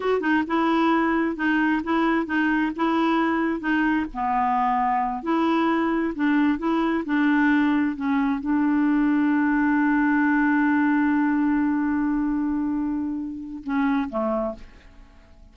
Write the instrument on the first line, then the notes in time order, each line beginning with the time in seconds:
clarinet
0.00 F#4
0.20 D#4
0.47 E4
1.36 D#4
1.83 E4
2.26 D#4
2.76 E4
3.60 D#4
4.13 B3
5.23 E4
6.15 D4
6.58 E4
7.05 D4
7.95 C#4
8.40 D4
13.63 C#4
14.09 A3